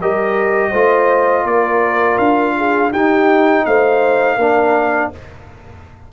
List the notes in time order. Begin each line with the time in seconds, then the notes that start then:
0.00 G3 G4 A#4 D#5
0.71 A3 F4 C5
1.45 A#3 A#4 D5
2.18 D4 F5
2.58 G#4
2.92 D#4 G4 G5
3.66 A3 C5 F5
4.37 A#3 D4 A#4